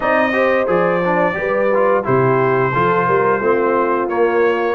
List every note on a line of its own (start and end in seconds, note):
0.00 0.67 C4
0.00 0.32 D#4
0.00 0.34 D5
0.00 0.68 D#5
0.32 0.66 G4
0.32 1.37 C5
0.66 1.36 F3
0.66 1.00 G#4
0.66 2.05 D5
1.04 1.34 D4
1.34 2.05 G3
1.34 1.68 G4
1.34 2.04 B4
1.74 2.03 F4
2.03 2.74 C3
2.03 2.71 E4
2.03 2.72 G4
2.03 4.08 C5
2.72 3.08 F3
2.72 3.41 F4
2.72 3.06 A4
3.06 3.40 G3
3.06 3.39 A#4
3.39 4.08 A3
3.39 4.09 C4
3.39 4.75 F4
4.08 4.75 A#3
4.08 4.75 C#5